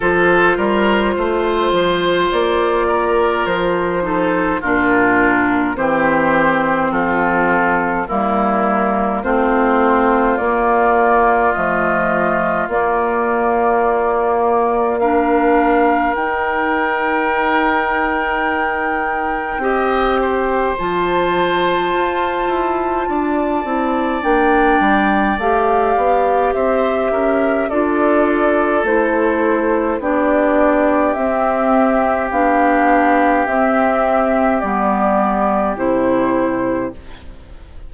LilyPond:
<<
  \new Staff \with { instrumentName = "flute" } { \time 4/4 \tempo 4 = 52 c''2 d''4 c''4 | ais'4 c''4 a'4 ais'4 | c''4 d''4 dis''4 d''4~ | d''4 f''4 g''2~ |
g''2 a''2~ | a''4 g''4 f''4 e''4 | d''4 c''4 d''4 e''4 | f''4 e''4 d''4 c''4 | }
  \new Staff \with { instrumentName = "oboe" } { \time 4/4 a'8 ais'8 c''4. ais'4 a'8 | f'4 g'4 f'4 e'4 | f'1~ | f'4 ais'2.~ |
ais'4 dis''8 c''2~ c''8 | d''2. c''8 ais'8 | a'2 g'2~ | g'1 | }
  \new Staff \with { instrumentName = "clarinet" } { \time 4/4 f'2.~ f'8 dis'8 | d'4 c'2 ais4 | c'4 ais4 a4 ais4~ | ais4 d'4 dis'2~ |
dis'4 g'4 f'2~ | f'8 e'8 d'4 g'2 | f'4 e'4 d'4 c'4 | d'4 c'4 b4 e'4 | }
  \new Staff \with { instrumentName = "bassoon" } { \time 4/4 f8 g8 a8 f8 ais4 f4 | ais,4 e4 f4 g4 | a4 ais4 f4 ais4~ | ais2 dis'2~ |
dis'4 c'4 f4 f'8 e'8 | d'8 c'8 ais8 g8 a8 b8 c'8 cis'8 | d'4 a4 b4 c'4 | b4 c'4 g4 c4 | }
>>